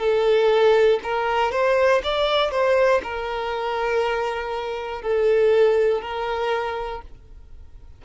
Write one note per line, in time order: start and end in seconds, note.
0.00 1.00 A4
1.03 1.52 A#4
1.52 2.02 C5
2.04 2.51 D5
2.51 3.01 C5
3.03 5.03 A#4
5.03 6.02 A4
6.02 7.02 A#4